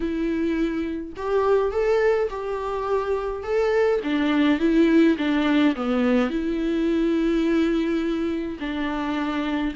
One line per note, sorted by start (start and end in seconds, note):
0.00 1.13 E4
1.16 1.71 G4
1.71 2.28 A4
2.30 3.43 G4
3.43 4.00 A4
4.03 4.59 D4
4.59 5.16 E4
5.18 5.75 D4
5.75 6.29 B3
6.29 8.58 E4
8.59 9.74 D4